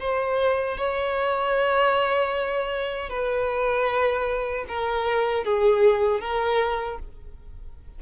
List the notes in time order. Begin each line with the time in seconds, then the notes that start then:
0.00 C5
0.78 C#5
3.10 B4
4.68 A#4
5.44 G#4
6.21 A#4